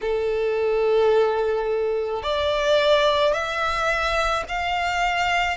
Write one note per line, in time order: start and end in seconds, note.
0.01 2.22 A4
2.22 3.33 D5
3.33 4.44 E5
4.48 5.57 F5